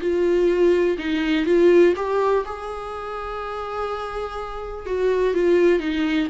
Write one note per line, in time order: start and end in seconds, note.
0.00 0.97 F4
0.98 1.45 D#4
1.45 1.94 F4
1.95 2.44 G4
2.45 4.86 G#4
4.86 5.34 F#4
5.34 5.79 F4
5.79 6.27 D#4